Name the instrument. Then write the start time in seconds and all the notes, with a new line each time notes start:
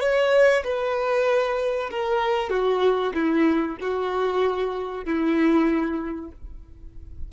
violin
0.00 C#5
0.63 B4
1.90 A#4
2.49 F#4
3.13 E4
3.80 F#4
5.04 E4